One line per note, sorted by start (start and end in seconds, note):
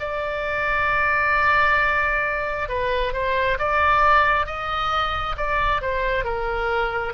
0.00 2.69 D5
2.69 3.13 B4
3.13 3.58 C5
3.59 4.46 D5
4.46 5.36 D#5
5.37 5.82 D5
5.82 6.24 C5
6.24 7.14 A#4